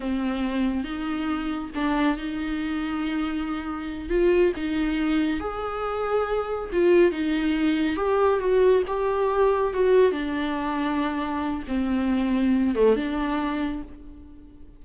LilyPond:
\new Staff \with { instrumentName = "viola" } { \time 4/4 \tempo 4 = 139 c'2 dis'2 | d'4 dis'2.~ | dis'4. f'4 dis'4.~ | dis'8 gis'2. f'8~ |
f'8 dis'2 g'4 fis'8~ | fis'8 g'2 fis'4 d'8~ | d'2. c'4~ | c'4. a8 d'2 | }